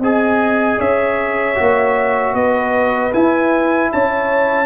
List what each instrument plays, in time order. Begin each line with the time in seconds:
0.00 tuba C4, trombone G#4, horn D#5, trumpet G#5
0.79 tuba C#4, horn C#5, trumpet E5
1.55 tuba A#3, trombone F#4
2.34 tuba B3, horn B4, trumpet D#5
3.14 tuba E4, trombone E4, trumpet G#5
3.92 tuba C#4, horn C#5, trumpet A5